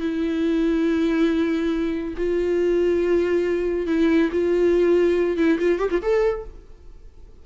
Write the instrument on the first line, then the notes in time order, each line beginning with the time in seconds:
viola
0.00 E4
2.17 F4
3.87 E4
4.32 F4
5.37 E4
5.59 F4
5.79 G4
5.91 F4
6.02 A4